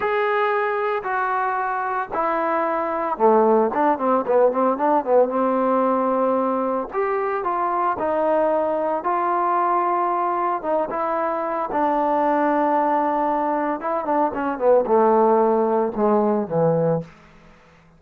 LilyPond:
\new Staff \with { instrumentName = "trombone" } { \time 4/4 \tempo 4 = 113 gis'2 fis'2 | e'2 a4 d'8 c'8 | b8 c'8 d'8 b8 c'2~ | c'4 g'4 f'4 dis'4~ |
dis'4 f'2. | dis'8 e'4. d'2~ | d'2 e'8 d'8 cis'8 b8 | a2 gis4 e4 | }